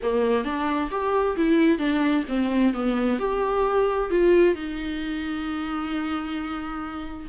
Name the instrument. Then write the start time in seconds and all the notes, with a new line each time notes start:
viola
0.02 A#3
0.44 D4
0.90 G4
1.36 E4
1.78 D4
2.28 C4
2.73 B3
3.19 G4
4.10 F4
4.55 D#4